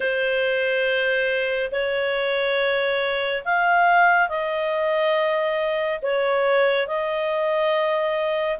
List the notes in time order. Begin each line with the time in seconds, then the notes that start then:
0.00 C5
1.71 C#5
3.44 F5
4.28 D#5
6.02 C#5
6.87 D#5